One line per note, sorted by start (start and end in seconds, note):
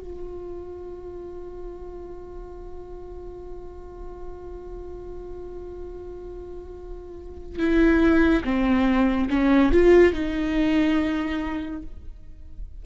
0.00 7.59 F4
7.59 8.43 E4
8.44 9.28 C4
9.30 9.71 C#4
9.71 10.13 F4
10.13 11.82 D#4